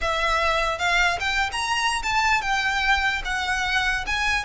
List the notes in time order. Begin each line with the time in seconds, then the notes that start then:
0.01 E5
0.78 F5
1.20 G5
1.52 A#5
2.02 A5
2.41 G5
3.24 F#5
4.06 G#5